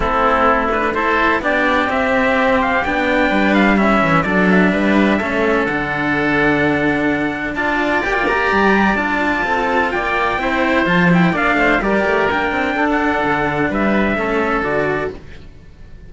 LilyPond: <<
  \new Staff \with { instrumentName = "trumpet" } { \time 4/4 \tempo 4 = 127 a'4. b'8 c''4 d''4 | e''4. f''8 g''4. f''8 | e''4 d''8 e''2~ e''8 | fis''1 |
a''4 g''8 ais''4. a''4~ | a''4 g''2 a''8 g''8 | f''4 d''4 g''4~ g''16 fis''8.~ | fis''4 e''2 d''4 | }
  \new Staff \with { instrumentName = "oboe" } { \time 4/4 e'2 a'4 g'4~ | g'2. b'4 | e'4 a'4 b'4 a'4~ | a'1 |
d''1 | a'4 d''4 c''2 | d''8 c''8 ais'2 a'4~ | a'4 b'4 a'2 | }
  \new Staff \with { instrumentName = "cello" } { \time 4/4 c'4. d'8 e'4 d'4 | c'2 d'2 | cis'4 d'2 cis'4 | d'1 |
f'4 g'16 f'16 g'4. f'4~ | f'2 e'4 f'8 e'8 | d'4 g'4 d'2~ | d'2 cis'4 fis'4 | }
  \new Staff \with { instrumentName = "cello" } { \time 4/4 a2. b4 | c'2 b4 g4~ | g8 e8 fis4 g4 a4 | d1 |
d'4 ais4 g4 d'4 | c'4 ais4 c'4 f4 | ais8 a8 g8 a8 ais8 c'8 d'4 | d4 g4 a4 d4 | }
>>